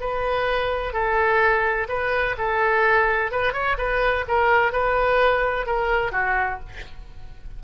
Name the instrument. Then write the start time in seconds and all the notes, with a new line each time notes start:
oboe
0.00 B4
0.93 A4
1.89 B4
2.38 A4
3.31 B4
3.53 C#5
3.78 B4
4.27 A#4
4.72 B4
5.66 A#4
6.12 F#4